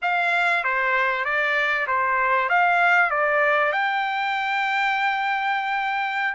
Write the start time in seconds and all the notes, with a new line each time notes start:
0.02 F5
0.64 C5
1.25 D5
1.87 C5
2.49 F5
3.10 D5
3.72 G5